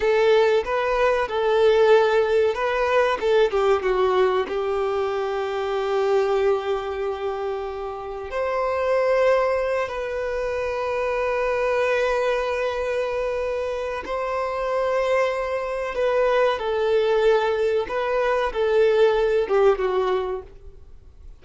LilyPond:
\new Staff \with { instrumentName = "violin" } { \time 4/4 \tempo 4 = 94 a'4 b'4 a'2 | b'4 a'8 g'8 fis'4 g'4~ | g'1~ | g'4 c''2~ c''8 b'8~ |
b'1~ | b'2 c''2~ | c''4 b'4 a'2 | b'4 a'4. g'8 fis'4 | }